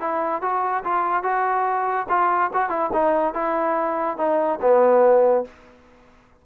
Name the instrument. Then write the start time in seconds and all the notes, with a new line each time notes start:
trombone
0.00 E4
0.42 F#4
0.84 F4
1.23 F#4
2.09 F4
2.53 F#4
2.70 E4
2.93 D#4
3.34 E4
4.18 D#4
4.61 B3